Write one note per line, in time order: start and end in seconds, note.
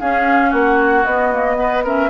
0.00 1.06 C#4
0.00 0.52 C#4
0.00 0.50 G#4
0.00 0.53 F5
0.50 1.05 A#3
0.50 1.55 F#4
0.50 1.05 F#5
1.05 2.10 B3
1.05 1.32 B3
1.05 1.84 D#5
1.32 1.55 A#3
1.55 1.82 B3
1.55 1.84 B4
1.84 2.10 C#4
1.84 2.10 A#4
1.84 2.10 E5